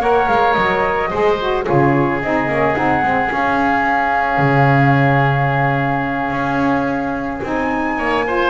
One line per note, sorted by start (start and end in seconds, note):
0.00 0.28 A#3
0.00 1.10 A#4
0.00 1.10 C#5
0.00 0.29 F#5
0.28 0.56 G#3
0.28 0.54 F5
0.54 1.12 F#3
0.54 1.64 D#5
1.10 1.68 G#3
1.10 1.38 G#4
1.10 1.65 C5
1.39 1.65 F#4
1.65 2.24 C#3
1.65 2.20 F4
1.65 7.98 G#4
1.65 2.21 C#5
2.22 2.48 C4
2.22 2.49 D#4
2.22 2.75 D#5
2.48 2.75 A#3
2.48 2.75 C#4
2.75 3.03 C4
2.75 3.03 D#4
2.75 3.31 F#5
3.03 3.31 G#3
3.03 3.28 C4
3.28 7.41 C#4
3.28 4.38 C#4
3.28 7.42 F5
4.38 6.31 C#3
6.31 7.41 C#4
7.42 7.98 C4
7.42 8.25 D#4
7.42 8.50 G#5
7.98 8.50 A#3
7.98 8.25 C#5
8.26 8.50 F4
8.26 8.50 C5